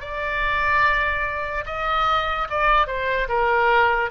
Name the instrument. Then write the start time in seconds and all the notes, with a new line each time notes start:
oboe
0.00 D5
1.66 D#5
2.50 D5
2.87 C5
3.28 A#4